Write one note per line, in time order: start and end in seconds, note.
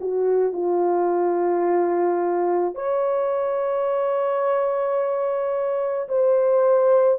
0.00 0.53 F#4
0.53 2.74 F4
2.74 6.08 C#5
6.08 7.18 C5